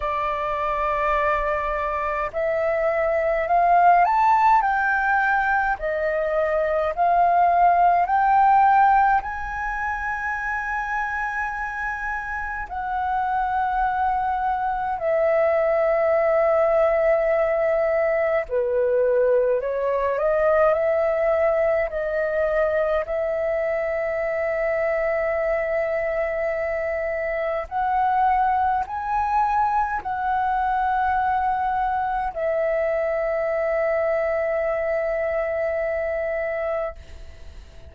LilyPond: \new Staff \with { instrumentName = "flute" } { \time 4/4 \tempo 4 = 52 d''2 e''4 f''8 a''8 | g''4 dis''4 f''4 g''4 | gis''2. fis''4~ | fis''4 e''2. |
b'4 cis''8 dis''8 e''4 dis''4 | e''1 | fis''4 gis''4 fis''2 | e''1 | }